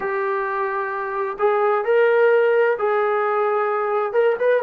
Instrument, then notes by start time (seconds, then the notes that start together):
trombone
0.00 G4
1.38 G#4
1.85 A#4
2.78 G#4
4.12 A#4
4.39 B4